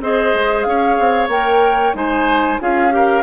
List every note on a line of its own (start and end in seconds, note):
0.00 0.32 C4
0.00 1.30 G#4
0.00 0.67 C5
0.00 0.63 D#5
0.34 0.65 G#3
0.63 0.98 C#4
0.63 1.96 C#5
0.63 1.27 F5
0.99 1.28 C4
1.28 1.92 A#3
1.28 1.94 A#4
1.28 1.95 G5
1.94 2.58 G#3
1.94 2.58 D#4
1.94 2.61 C5
1.94 2.60 G#5
2.60 3.22 C#4
2.60 2.90 F4
2.60 2.93 G#4
2.60 3.22 F5
2.90 3.22 G4
2.90 3.22 A#4